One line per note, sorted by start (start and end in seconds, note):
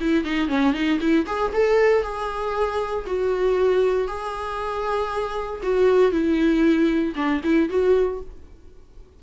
0.00 0.24 E4
0.24 0.48 D#4
0.48 0.73 C#4
0.73 0.99 D#4
1.00 1.26 E4
1.26 1.52 G#4
1.53 2.02 A4
2.02 3.05 G#4
3.06 4.07 F#4
4.07 5.61 G#4
5.62 6.11 F#4
6.11 7.14 E4
7.15 7.41 D4
7.43 7.69 E4
7.69 8.20 F#4